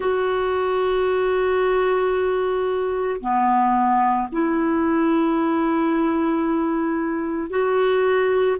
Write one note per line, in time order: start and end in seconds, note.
0.00 3.20 F#4
3.20 4.28 B3
4.31 7.50 E4
7.50 8.57 F#4